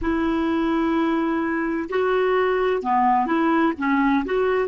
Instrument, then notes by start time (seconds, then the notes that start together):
clarinet
0.01 E4
1.89 F#4
2.82 B3
3.26 E4
3.78 C#4
4.24 F#4